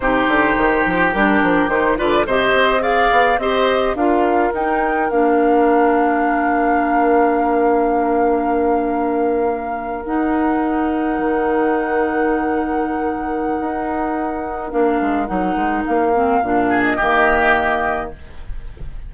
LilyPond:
<<
  \new Staff \with { instrumentName = "flute" } { \time 4/4 \tempo 4 = 106 c''2 ais'4 c''8 d''8 | dis''4 f''4 dis''4 f''4 | g''4 f''2.~ | f''1~ |
f''4.~ f''16 fis''2~ fis''16~ | fis''1~ | fis''2 f''4 fis''4 | f''4.~ f''16 dis''2~ dis''16 | }
  \new Staff \with { instrumentName = "oboe" } { \time 4/4 g'2.~ g'8 b'8 | c''4 d''4 c''4 ais'4~ | ais'1~ | ais'1~ |
ais'1~ | ais'1~ | ais'1~ | ais'4. gis'8 g'2 | }
  \new Staff \with { instrumentName = "clarinet" } { \time 4/4 dis'2 d'4 dis'8 f'8 | g'4 gis'4 g'4 f'4 | dis'4 d'2.~ | d'1~ |
d'4.~ d'16 dis'2~ dis'16~ | dis'1~ | dis'2 d'4 dis'4~ | dis'8 c'8 d'4 ais2 | }
  \new Staff \with { instrumentName = "bassoon" } { \time 4/4 c8 d8 dis8 f8 g8 f8 dis8 d8 | c8 c'4 b8 c'4 d'4 | dis'4 ais2.~ | ais1~ |
ais4.~ ais16 dis'2 dis16~ | dis1 | dis'2 ais8 gis8 fis8 gis8 | ais4 ais,4 dis2 | }
>>